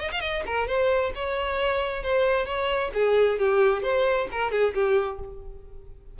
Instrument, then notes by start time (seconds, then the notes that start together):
violin
0.00 D#5
0.12 F5
0.21 D#5
0.46 A#4
0.68 C5
1.15 C#5
2.03 C5
2.46 C#5
2.94 G#4
3.39 G4
3.83 C5
4.31 A#4
4.52 G#4
4.75 G4